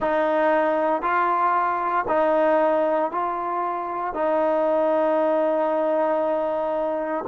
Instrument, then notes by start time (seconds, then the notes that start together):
trombone
0.00 D#4
1.02 F4
2.08 D#4
3.11 F4
4.14 D#4